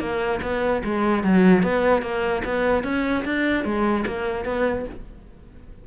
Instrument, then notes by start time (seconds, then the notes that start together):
cello
0.00 A#3
0.42 B3
0.85 G#3
1.24 F#3
1.63 B3
2.02 A#3
2.45 B3
2.84 C#4
3.25 D4
3.64 G#3
4.07 A#3
4.45 B3